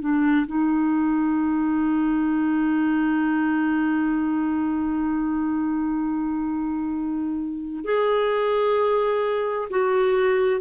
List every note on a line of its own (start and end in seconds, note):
0.00 0.46 D4
0.46 7.85 D#4
7.85 9.69 G#4
9.70 10.61 F#4